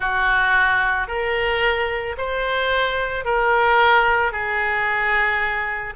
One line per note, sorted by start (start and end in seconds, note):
0.00 1.07 F#4
1.07 2.15 A#4
2.17 3.24 C5
3.24 4.31 A#4
4.31 5.94 G#4